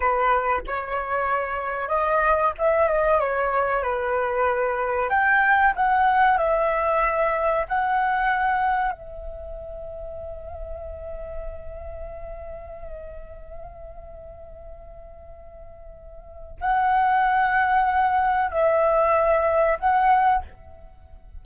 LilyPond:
\new Staff \with { instrumentName = "flute" } { \time 4/4 \tempo 4 = 94 b'4 cis''2 dis''4 | e''8 dis''8 cis''4 b'2 | g''4 fis''4 e''2 | fis''2 e''2~ |
e''1~ | e''1~ | e''2 fis''2~ | fis''4 e''2 fis''4 | }